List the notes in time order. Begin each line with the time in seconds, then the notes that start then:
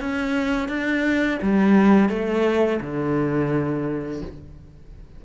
0.00 C#4
0.68 D4
1.42 G3
2.10 A3
2.81 D3